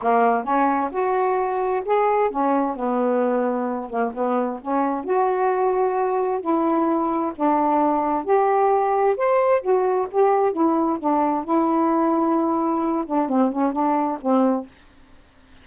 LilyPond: \new Staff \with { instrumentName = "saxophone" } { \time 4/4 \tempo 4 = 131 ais4 cis'4 fis'2 | gis'4 cis'4 b2~ | b8 ais8 b4 cis'4 fis'4~ | fis'2 e'2 |
d'2 g'2 | c''4 fis'4 g'4 e'4 | d'4 e'2.~ | e'8 d'8 c'8 cis'8 d'4 c'4 | }